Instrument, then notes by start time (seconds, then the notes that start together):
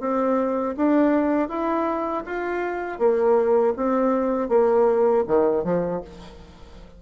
bassoon
0.00 C4
0.77 D4
1.49 E4
2.26 F4
2.99 A#3
3.76 C4
4.49 A#3
5.27 D#3
5.64 F3